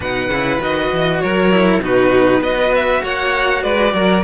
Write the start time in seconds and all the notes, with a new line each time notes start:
0.00 B2 D#4 B4 F#5
0.28 C#3 E4
0.60 D#3 F#4 D#5
0.92 E3
1.20 F#3 A#4 C#5
1.51 E4
1.79 B2 D#4 F#4 B4
2.40 B3 F#4 B4 D#5
2.75 E5
3.03 A#3 C#5 F#5
3.62 G#3 B4 D5
3.93 F#3 A#4